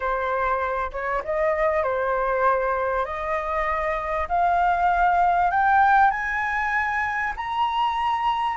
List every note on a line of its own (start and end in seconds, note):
0.00 0.91 C5
0.92 1.22 C#5
1.24 1.83 D#5
1.83 3.05 C5
3.05 4.27 D#5
4.28 5.50 F5
5.50 6.10 G5
6.10 7.33 G#5
7.36 8.57 A#5